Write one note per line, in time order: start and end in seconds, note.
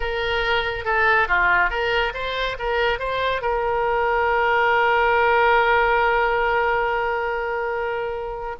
0.00 0.85 A#4
0.85 1.27 A4
1.28 1.69 F4
1.69 2.12 A#4
2.14 2.56 C5
2.59 2.99 A#4
2.99 3.41 C5
3.41 8.56 A#4